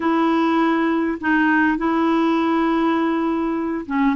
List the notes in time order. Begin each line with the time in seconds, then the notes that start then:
0.00 E4
1.20 D#4
1.77 E4
3.86 C#4